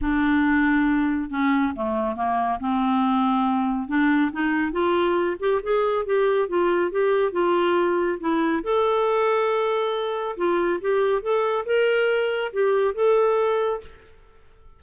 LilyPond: \new Staff \with { instrumentName = "clarinet" } { \time 4/4 \tempo 4 = 139 d'2. cis'4 | a4 ais4 c'2~ | c'4 d'4 dis'4 f'4~ | f'8 g'8 gis'4 g'4 f'4 |
g'4 f'2 e'4 | a'1 | f'4 g'4 a'4 ais'4~ | ais'4 g'4 a'2 | }